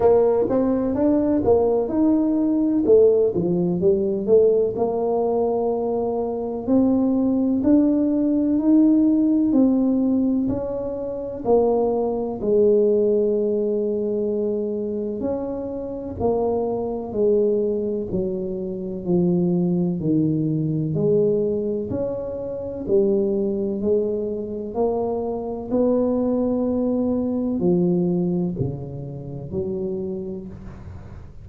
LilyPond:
\new Staff \with { instrumentName = "tuba" } { \time 4/4 \tempo 4 = 63 ais8 c'8 d'8 ais8 dis'4 a8 f8 | g8 a8 ais2 c'4 | d'4 dis'4 c'4 cis'4 | ais4 gis2. |
cis'4 ais4 gis4 fis4 | f4 dis4 gis4 cis'4 | g4 gis4 ais4 b4~ | b4 f4 cis4 fis4 | }